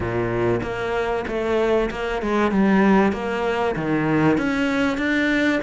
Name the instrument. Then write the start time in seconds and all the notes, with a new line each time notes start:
cello
0.00 A#2
0.62 A#3
1.27 A3
1.90 A#3
2.22 G#3
2.51 G3
3.12 A#3
3.75 D#3
4.38 C#4
4.97 D4